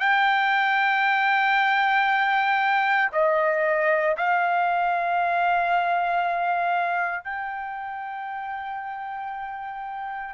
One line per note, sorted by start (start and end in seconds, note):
0.00 3.10 G5
3.13 4.16 D#5
4.18 7.25 F5
7.25 10.34 G5